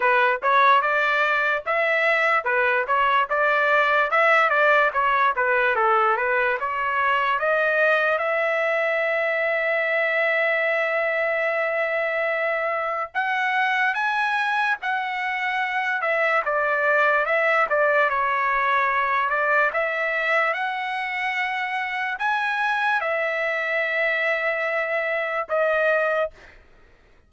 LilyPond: \new Staff \with { instrumentName = "trumpet" } { \time 4/4 \tempo 4 = 73 b'8 cis''8 d''4 e''4 b'8 cis''8 | d''4 e''8 d''8 cis''8 b'8 a'8 b'8 | cis''4 dis''4 e''2~ | e''1 |
fis''4 gis''4 fis''4. e''8 | d''4 e''8 d''8 cis''4. d''8 | e''4 fis''2 gis''4 | e''2. dis''4 | }